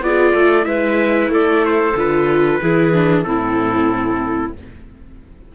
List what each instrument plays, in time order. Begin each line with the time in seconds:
0.00 cello B3, viola F4, clarinet G#4, trumpet D5
0.32 cello A3, clarinet A4
0.63 cello G#3, viola E4, clarinet B4, trumpet E5
1.28 cello A3, clarinet A4, trumpet D5
1.65 trumpet C5
1.95 cello D3, viola F4, trumpet B4
2.60 cello E3, viola E4, clarinet G#4
2.93 viola D4
3.23 cello A2, viola C4, clarinet E4, trumpet A4